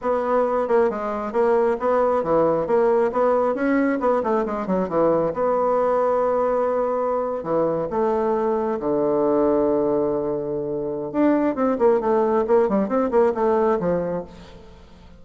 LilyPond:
\new Staff \with { instrumentName = "bassoon" } { \time 4/4 \tempo 4 = 135 b4. ais8 gis4 ais4 | b4 e4 ais4 b4 | cis'4 b8 a8 gis8 fis8 e4 | b1~ |
b8. e4 a2 d16~ | d1~ | d4 d'4 c'8 ais8 a4 | ais8 g8 c'8 ais8 a4 f4 | }